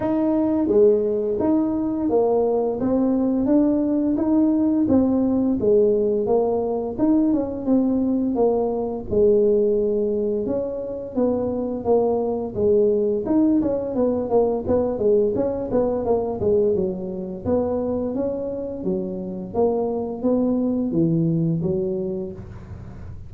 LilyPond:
\new Staff \with { instrumentName = "tuba" } { \time 4/4 \tempo 4 = 86 dis'4 gis4 dis'4 ais4 | c'4 d'4 dis'4 c'4 | gis4 ais4 dis'8 cis'8 c'4 | ais4 gis2 cis'4 |
b4 ais4 gis4 dis'8 cis'8 | b8 ais8 b8 gis8 cis'8 b8 ais8 gis8 | fis4 b4 cis'4 fis4 | ais4 b4 e4 fis4 | }